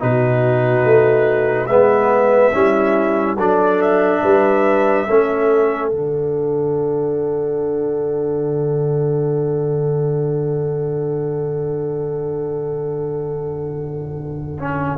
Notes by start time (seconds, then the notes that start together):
0.00 B2 D#4 F#4 B4
0.85 A3
1.67 G#3 B3 B4 E5
2.53 G3 C#4 E4
3.37 F#3 D4 A4 D5
3.82 E5
4.23 G3 B4
5.08 A3 C#4 A4
5.90 D3 D4 F#5
14.60 C#4